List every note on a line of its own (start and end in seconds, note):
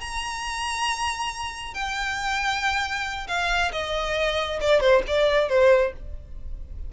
0.00 1.74 A#5
1.74 3.27 G5
3.27 3.71 F5
3.72 4.59 D#5
4.60 4.80 D5
4.80 5.02 C5
5.07 5.49 D5
5.49 5.93 C5